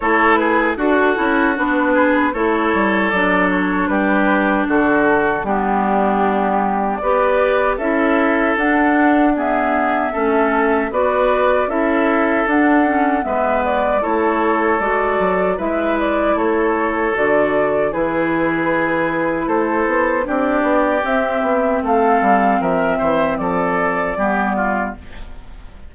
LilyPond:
<<
  \new Staff \with { instrumentName = "flute" } { \time 4/4 \tempo 4 = 77 cis''8 b'8 a'4 b'4 cis''4 | d''8 cis''8 b'4 a'4 g'4~ | g'4 d''4 e''4 fis''4 | e''2 d''4 e''4 |
fis''4 e''8 d''8 cis''4 d''4 | e''8 d''8 cis''4 d''4 b'4~ | b'4 c''4 d''4 e''4 | f''4 e''4 d''2 | }
  \new Staff \with { instrumentName = "oboe" } { \time 4/4 a'8 gis'8 fis'4. gis'8 a'4~ | a'4 g'4 fis'4 d'4~ | d'4 b'4 a'2 | gis'4 a'4 b'4 a'4~ |
a'4 b'4 a'2 | b'4 a'2 gis'4~ | gis'4 a'4 g'2 | a'4 ais'8 c''8 a'4 g'8 f'8 | }
  \new Staff \with { instrumentName = "clarinet" } { \time 4/4 e'4 fis'8 e'8 d'4 e'4 | d'2. b4~ | b4 g'4 e'4 d'4 | b4 cis'4 fis'4 e'4 |
d'8 cis'8 b4 e'4 fis'4 | e'2 fis'4 e'4~ | e'2 d'4 c'4~ | c'2. b4 | }
  \new Staff \with { instrumentName = "bassoon" } { \time 4/4 a4 d'8 cis'8 b4 a8 g8 | fis4 g4 d4 g4~ | g4 b4 cis'4 d'4~ | d'4 a4 b4 cis'4 |
d'4 gis4 a4 gis8 fis8 | gis4 a4 d4 e4~ | e4 a8 b8 c'8 b8 c'8 b8 | a8 g8 f8 e8 f4 g4 | }
>>